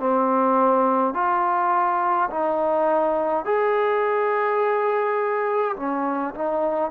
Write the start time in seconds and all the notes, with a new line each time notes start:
0.00 C4
1.14 F4
2.31 D#4
3.45 G#4
5.77 C#4
6.35 D#4